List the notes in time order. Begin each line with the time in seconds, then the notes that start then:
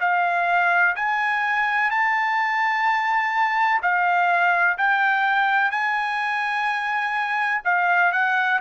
0.00 F5
0.96 G#5
1.90 A5
3.82 F5
4.77 G5
5.71 G#5
7.65 F5
8.12 F#5